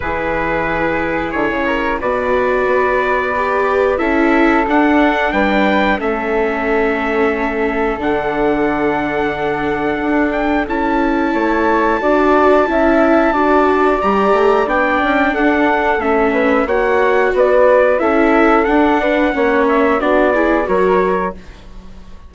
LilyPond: <<
  \new Staff \with { instrumentName = "trumpet" } { \time 4/4 \tempo 4 = 90 b'2 cis''4 d''4~ | d''2 e''4 fis''4 | g''4 e''2. | fis''2.~ fis''8 g''8 |
a''1~ | a''4 ais''4 g''4 fis''4 | e''4 fis''4 d''4 e''4 | fis''4. e''8 d''4 cis''4 | }
  \new Staff \with { instrumentName = "flute" } { \time 4/4 gis'2~ gis'8 ais'8 b'4~ | b'2 a'2 | b'4 a'2.~ | a'1~ |
a'4 cis''4 d''4 e''4 | d''2. a'4~ | a'8 b'8 cis''4 b'4 a'4~ | a'8 b'8 cis''4 fis'8 gis'8 ais'4 | }
  \new Staff \with { instrumentName = "viola" } { \time 4/4 e'2. fis'4~ | fis'4 g'4 e'4 d'4~ | d'4 cis'2. | d'1 |
e'2 fis'4 e'4 | fis'4 g'4 d'2 | cis'4 fis'2 e'4 | d'4 cis'4 d'8 e'8 fis'4 | }
  \new Staff \with { instrumentName = "bassoon" } { \time 4/4 e2 d16 cis8. b,4 | b2 cis'4 d'4 | g4 a2. | d2. d'4 |
cis'4 a4 d'4 cis'4 | d'4 g8 a8 b8 cis'8 d'4 | a4 ais4 b4 cis'4 | d'4 ais4 b4 fis4 | }
>>